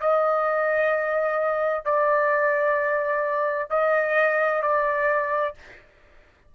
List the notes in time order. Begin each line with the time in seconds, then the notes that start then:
0.00 D#5
1.85 D5
3.70 D#5
4.62 D5